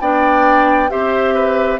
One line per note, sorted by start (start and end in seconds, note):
0.00 0.90 B3
0.00 0.89 D4
0.00 0.90 D5
0.00 0.90 G5
0.89 1.79 C4
0.89 1.79 G4
0.89 1.34 C5
0.89 1.79 E5
1.34 1.79 B4